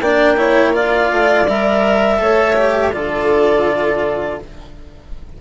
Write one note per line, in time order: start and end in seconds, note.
0.00 1.10 A#3
0.00 0.36 D4
0.00 0.38 D5
0.00 0.73 G5
0.36 0.73 E4
0.36 0.75 C#5
0.73 1.46 F4
0.73 2.21 D5
0.73 1.48 F5
1.11 1.47 A3
1.47 2.20 G3
1.47 2.18 A#4
1.47 2.92 E5
2.18 2.93 A3
2.18 2.55 A4
2.18 2.93 C#5
2.55 2.92 G4
2.92 4.41 D3
2.92 4.39 F4
2.92 4.39 A4
2.92 4.39 D5